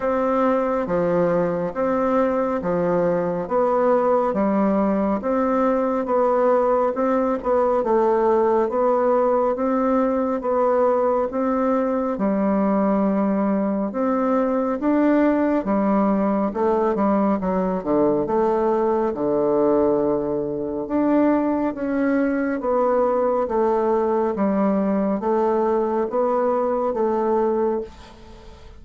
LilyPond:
\new Staff \with { instrumentName = "bassoon" } { \time 4/4 \tempo 4 = 69 c'4 f4 c'4 f4 | b4 g4 c'4 b4 | c'8 b8 a4 b4 c'4 | b4 c'4 g2 |
c'4 d'4 g4 a8 g8 | fis8 d8 a4 d2 | d'4 cis'4 b4 a4 | g4 a4 b4 a4 | }